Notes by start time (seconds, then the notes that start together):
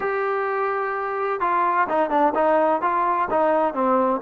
0.00 G4
1.40 F4
1.89 D#4
2.09 D4
2.34 D#4
2.81 F4
3.30 D#4
3.74 C4